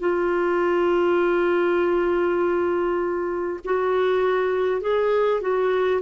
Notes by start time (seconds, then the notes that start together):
0.00 F4
3.65 F#4
4.82 G#4
5.41 F#4